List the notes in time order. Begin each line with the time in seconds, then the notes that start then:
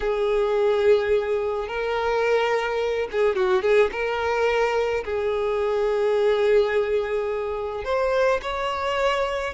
0.00 G#4
1.68 A#4
3.11 G#4
3.35 F#4
3.62 G#4
3.91 A#4
5.04 G#4
7.84 C5
8.42 C#5